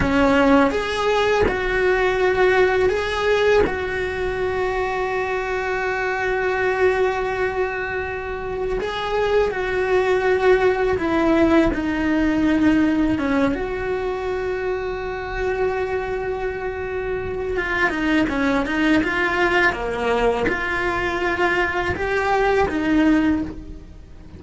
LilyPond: \new Staff \with { instrumentName = "cello" } { \time 4/4 \tempo 4 = 82 cis'4 gis'4 fis'2 | gis'4 fis'2.~ | fis'1 | gis'4 fis'2 e'4 |
dis'2 cis'8 fis'4.~ | fis'1 | f'8 dis'8 cis'8 dis'8 f'4 ais4 | f'2 g'4 dis'4 | }